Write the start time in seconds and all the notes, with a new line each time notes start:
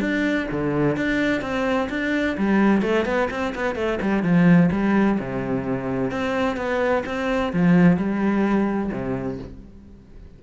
0.00 D4
0.51 D3
0.97 D4
1.41 C4
1.89 D4
2.37 G3
2.82 A3
3.05 B3
3.30 C4
3.55 B3
3.75 A3
4.01 G3
4.23 F3
4.72 G3
5.19 C3
6.11 C4
6.56 B3
7.05 C4
7.53 F3
7.97 G3
8.92 C3